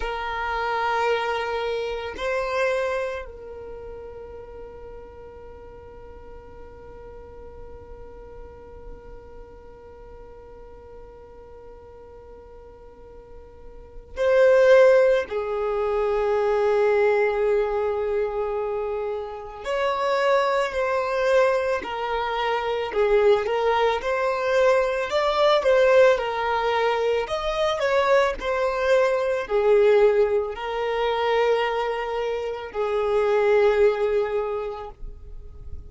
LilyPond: \new Staff \with { instrumentName = "violin" } { \time 4/4 \tempo 4 = 55 ais'2 c''4 ais'4~ | ais'1~ | ais'1~ | ais'4 c''4 gis'2~ |
gis'2 cis''4 c''4 | ais'4 gis'8 ais'8 c''4 d''8 c''8 | ais'4 dis''8 cis''8 c''4 gis'4 | ais'2 gis'2 | }